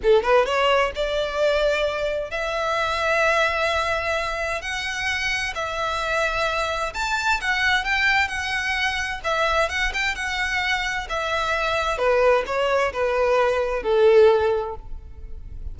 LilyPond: \new Staff \with { instrumentName = "violin" } { \time 4/4 \tempo 4 = 130 a'8 b'8 cis''4 d''2~ | d''4 e''2.~ | e''2 fis''2 | e''2. a''4 |
fis''4 g''4 fis''2 | e''4 fis''8 g''8 fis''2 | e''2 b'4 cis''4 | b'2 a'2 | }